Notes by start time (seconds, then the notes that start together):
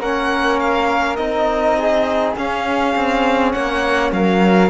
0.00 A#3 C#4 A#4 F#5
0.60 F5
1.16 C4 D#4 D#5
1.78 G#4
2.36 C#4 F5
2.96 C4
3.52 A#3 C#5 F#5
4.12 F#3 A#4 F5